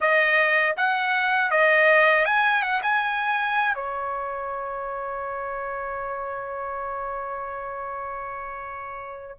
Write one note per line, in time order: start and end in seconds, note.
0.00 0.75 D#5
0.77 1.50 F#5
1.50 2.25 D#5
2.25 2.62 G#5
2.62 2.81 F#5
2.82 3.74 G#5
3.74 9.37 C#5